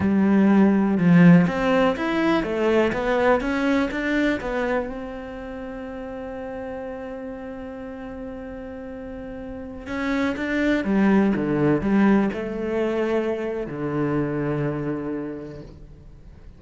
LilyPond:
\new Staff \with { instrumentName = "cello" } { \time 4/4 \tempo 4 = 123 g2 f4 c'4 | e'4 a4 b4 cis'4 | d'4 b4 c'2~ | c'1~ |
c'1~ | c'16 cis'4 d'4 g4 d8.~ | d16 g4 a2~ a8. | d1 | }